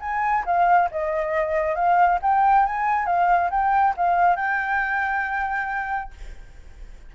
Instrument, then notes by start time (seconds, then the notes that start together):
flute
0.00 G#5
0.45 F5
0.91 D#5
1.75 F5
2.22 G5
2.66 G#5
3.06 F5
3.50 G5
3.97 F5
4.36 G5